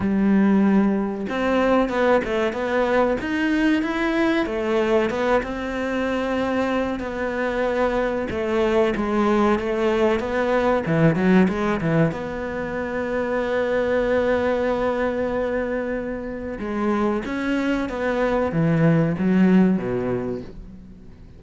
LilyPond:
\new Staff \with { instrumentName = "cello" } { \time 4/4 \tempo 4 = 94 g2 c'4 b8 a8 | b4 dis'4 e'4 a4 | b8 c'2~ c'8 b4~ | b4 a4 gis4 a4 |
b4 e8 fis8 gis8 e8 b4~ | b1~ | b2 gis4 cis'4 | b4 e4 fis4 b,4 | }